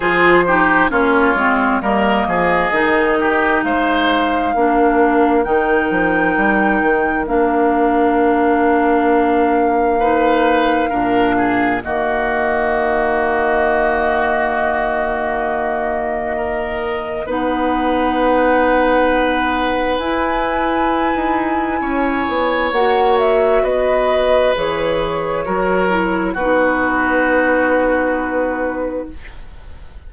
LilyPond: <<
  \new Staff \with { instrumentName = "flute" } { \time 4/4 \tempo 4 = 66 c''4 cis''4 dis''2 | f''2 g''2 | f''1~ | f''4 dis''2.~ |
dis''2. fis''4~ | fis''2 gis''2~ | gis''4 fis''8 e''8 dis''4 cis''4~ | cis''4 b'2. | }
  \new Staff \with { instrumentName = "oboe" } { \time 4/4 gis'8 g'8 f'4 ais'8 gis'4 g'8 | c''4 ais'2.~ | ais'2. b'4 | ais'8 gis'8 fis'2.~ |
fis'2 ais'4 b'4~ | b'1 | cis''2 b'2 | ais'4 fis'2. | }
  \new Staff \with { instrumentName = "clarinet" } { \time 4/4 f'8 dis'8 cis'8 c'8 ais4 dis'4~ | dis'4 d'4 dis'2 | d'2. dis'4 | d'4 ais2.~ |
ais2. dis'4~ | dis'2 e'2~ | e'4 fis'2 gis'4 | fis'8 e'8 dis'2. | }
  \new Staff \with { instrumentName = "bassoon" } { \time 4/4 f4 ais8 gis8 g8 f8 dis4 | gis4 ais4 dis8 f8 g8 dis8 | ais1 | ais,4 dis2.~ |
dis2. b4~ | b2 e'4~ e'16 dis'8. | cis'8 b8 ais4 b4 e4 | fis4 b2. | }
>>